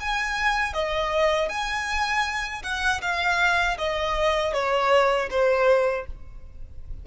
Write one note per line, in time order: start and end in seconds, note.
0.00 0.74 G#5
0.74 1.49 D#5
1.49 2.63 G#5
2.63 3.01 F#5
3.02 3.78 F5
3.78 4.53 D#5
4.53 5.29 C#5
5.30 6.06 C5